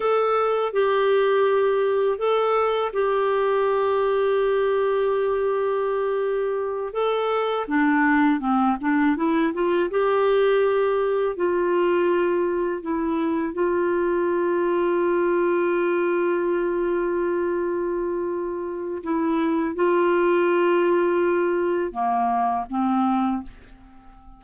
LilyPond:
\new Staff \with { instrumentName = "clarinet" } { \time 4/4 \tempo 4 = 82 a'4 g'2 a'4 | g'1~ | g'4. a'4 d'4 c'8 | d'8 e'8 f'8 g'2 f'8~ |
f'4. e'4 f'4.~ | f'1~ | f'2 e'4 f'4~ | f'2 ais4 c'4 | }